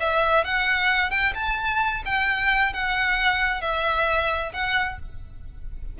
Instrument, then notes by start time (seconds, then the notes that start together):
violin
0.00 E5
0.44 F#5
1.11 G5
1.35 A5
2.05 G5
2.73 F#5
3.61 E5
4.53 F#5